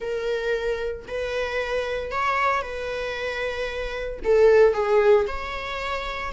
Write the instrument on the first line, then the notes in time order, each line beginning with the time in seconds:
viola
0.00 A#4
1.07 B4
2.11 C#5
2.61 B4
4.24 A4
4.73 G#4
5.27 C#5